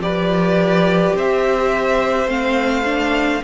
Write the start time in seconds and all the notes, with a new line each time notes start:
0.00 F3 G4 B4 D5
1.16 C4 C5 E5
2.27 A3 C4 F5
2.85 D4